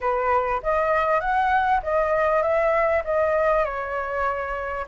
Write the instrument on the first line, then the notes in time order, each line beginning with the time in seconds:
flute
0.00 B4
0.62 D#5
1.20 F#5
1.82 D#5
2.42 E5
3.04 D#5
3.64 C#5